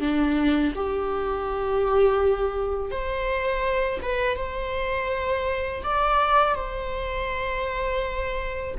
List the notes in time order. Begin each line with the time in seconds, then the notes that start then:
0.00 D4
0.75 G4
2.91 C5
4.01 B4
4.36 C5
5.83 D5
6.55 C5